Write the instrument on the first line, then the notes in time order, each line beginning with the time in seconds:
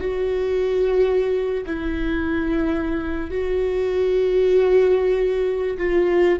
viola
0.00 F#4
1.66 E4
3.30 F#4
5.77 F4